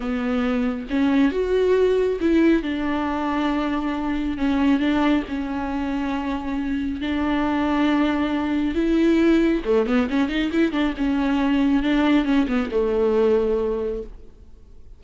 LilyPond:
\new Staff \with { instrumentName = "viola" } { \time 4/4 \tempo 4 = 137 b2 cis'4 fis'4~ | fis'4 e'4 d'2~ | d'2 cis'4 d'4 | cis'1 |
d'1 | e'2 a8 b8 cis'8 dis'8 | e'8 d'8 cis'2 d'4 | cis'8 b8 a2. | }